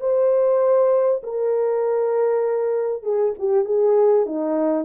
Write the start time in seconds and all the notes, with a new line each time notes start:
0.00 C5
1.23 A#4
3.03 G#4
3.39 G4
3.65 G#4
4.26 D#4